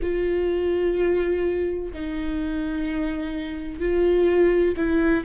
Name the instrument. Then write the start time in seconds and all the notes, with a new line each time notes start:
viola
0.02 F4
1.92 D#4
3.80 F4
4.76 E4